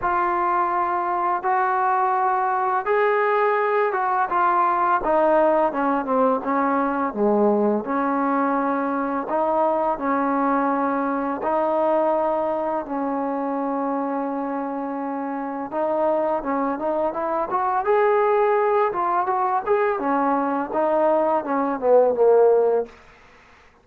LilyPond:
\new Staff \with { instrumentName = "trombone" } { \time 4/4 \tempo 4 = 84 f'2 fis'2 | gis'4. fis'8 f'4 dis'4 | cis'8 c'8 cis'4 gis4 cis'4~ | cis'4 dis'4 cis'2 |
dis'2 cis'2~ | cis'2 dis'4 cis'8 dis'8 | e'8 fis'8 gis'4. f'8 fis'8 gis'8 | cis'4 dis'4 cis'8 b8 ais4 | }